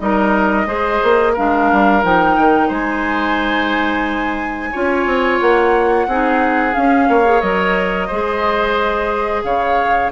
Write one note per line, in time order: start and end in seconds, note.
0.00 0.66 G3
0.00 0.66 D#4
0.00 0.68 A#4
0.00 1.35 D#5
0.66 1.00 G#3
0.66 1.34 G#4
0.66 1.33 C5
1.03 1.37 A#3
1.33 1.72 G#3
1.33 2.03 D4
1.33 2.68 A#4
1.33 2.04 F5
1.72 2.04 G3
2.03 2.37 F3
2.03 4.72 D#4
2.03 2.71 G5
2.37 2.70 D#3
2.68 4.72 G#3
2.68 4.70 C5
2.68 5.41 G#5
4.72 5.06 C#4
4.72 6.09 F4
4.72 6.07 C#5
5.06 5.40 C4
5.41 6.07 A#3
5.41 6.75 F#5
6.07 6.75 C4
6.07 6.73 D#4
6.07 7.09 G#4
6.73 7.23 C#4
6.73 7.09 C#4
6.73 7.41 F5
7.09 7.42 A#3
7.09 8.07 C#5
7.25 7.41 G#4
7.41 8.10 F#3
7.41 8.09 A#4
7.41 9.44 D#5
8.07 9.44 G#3
8.07 10.12 G#4
8.07 9.42 C5
9.44 10.12 C#3
9.44 10.12 C#5
9.44 10.11 F5